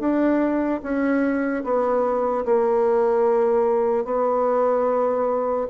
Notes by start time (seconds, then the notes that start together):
0.00 D4
0.83 C#4
1.64 B3
2.45 A#3
4.05 B3